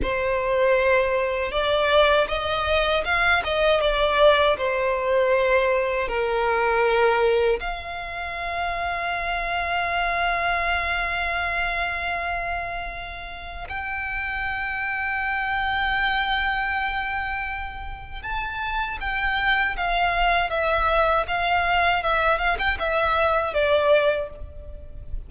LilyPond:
\new Staff \with { instrumentName = "violin" } { \time 4/4 \tempo 4 = 79 c''2 d''4 dis''4 | f''8 dis''8 d''4 c''2 | ais'2 f''2~ | f''1~ |
f''2 g''2~ | g''1 | a''4 g''4 f''4 e''4 | f''4 e''8 f''16 g''16 e''4 d''4 | }